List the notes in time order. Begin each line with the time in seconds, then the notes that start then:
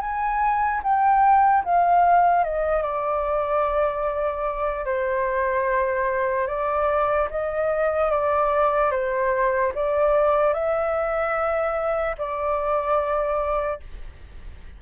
0.00 G#5
0.83 G5
1.64 F5
2.44 D#5
2.82 D5
4.85 C5
6.47 D5
7.30 D#5
8.10 D5
8.91 C5
9.75 D5
10.53 E5
12.18 D5